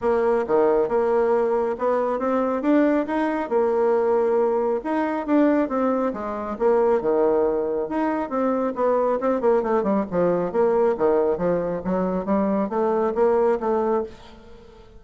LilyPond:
\new Staff \with { instrumentName = "bassoon" } { \time 4/4 \tempo 4 = 137 ais4 dis4 ais2 | b4 c'4 d'4 dis'4 | ais2. dis'4 | d'4 c'4 gis4 ais4 |
dis2 dis'4 c'4 | b4 c'8 ais8 a8 g8 f4 | ais4 dis4 f4 fis4 | g4 a4 ais4 a4 | }